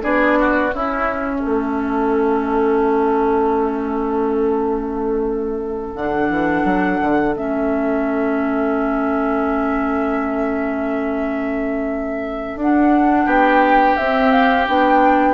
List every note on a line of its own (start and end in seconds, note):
0.00 0.73 B3
0.00 0.70 D4
0.00 0.38 G#4
0.00 0.72 D5
0.39 0.74 F#4
0.72 1.43 C#4
0.72 5.96 C#4
0.72 1.40 E4
0.72 5.95 E5
1.40 5.94 A3
1.40 13.25 A4
5.94 6.29 D3
5.94 7.35 D4
5.94 7.35 F#5
6.29 6.64 E3
6.64 6.99 F#3
7.00 7.35 D3
7.35 12.55 A3
7.35 12.58 C#4
7.35 12.59 E5
12.55 13.25 D4
12.55 13.99 D4
12.55 13.29 F#5
13.25 13.95 B3
13.25 15.34 G4
13.25 13.96 G5
13.96 14.67 C4
13.96 14.31 E5
14.31 14.66 F5
14.67 15.34 B3
14.67 15.34 D4
14.67 15.34 G5